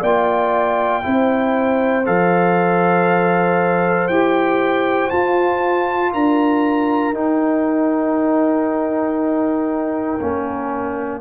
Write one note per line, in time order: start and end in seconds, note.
0.00 1.03 A#3
0.00 1.02 F4
0.00 1.02 D5
0.00 2.06 G5
1.02 2.07 C4
1.02 2.04 E4
1.02 6.12 C5
2.06 4.09 F3
2.06 4.09 A4
2.06 4.08 F5
4.08 5.10 E4
4.08 5.11 G4
4.08 5.09 G5
5.10 7.14 F4
5.10 6.14 F4
5.10 6.11 A5
6.12 7.13 D4
6.12 11.20 A#4
6.12 7.14 A#5
7.13 10.18 D#4
7.13 10.19 D#4
7.13 11.20 G5
10.20 11.20 A#3
10.20 11.20 C#4